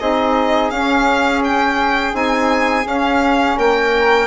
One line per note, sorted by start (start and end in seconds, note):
0.00 0.71 C4
0.00 0.72 D#4
0.00 3.57 G#4
0.00 0.71 D#5
0.71 2.14 C#4
0.71 2.13 C#4
0.71 1.42 F5
1.44 2.16 G5
2.13 2.86 C4
2.13 2.84 D#4
2.13 2.87 G#5
2.86 3.58 C#4
2.86 4.28 C#4
2.86 3.59 F5
3.57 4.28 A#3
3.57 4.28 A#4
3.57 4.28 G5